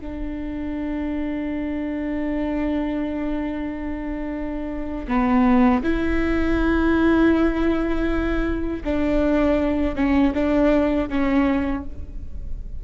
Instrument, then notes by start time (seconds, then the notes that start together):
viola
0.00 D4
5.07 B3
5.83 E4
8.84 D4
9.95 C#4
10.34 D4
11.09 C#4